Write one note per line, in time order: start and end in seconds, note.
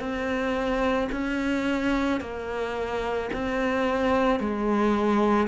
0.00 1.09 C4
1.12 2.21 C#4
2.21 3.30 A#3
3.33 4.40 C4
4.40 5.48 G#3